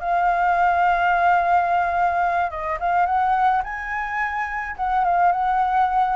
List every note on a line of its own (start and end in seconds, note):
0.00 2.50 F5
2.50 2.78 D#5
2.80 3.06 F5
3.06 3.62 F#5
3.64 4.76 G#5
4.76 5.04 F#5
5.04 5.32 F5
5.32 6.16 F#5